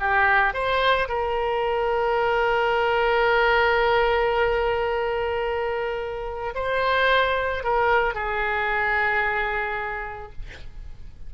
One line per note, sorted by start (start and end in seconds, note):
0.00 0.54 G4
0.54 1.09 C5
1.09 6.54 A#4
6.55 7.64 C5
7.64 8.15 A#4
8.15 10.33 G#4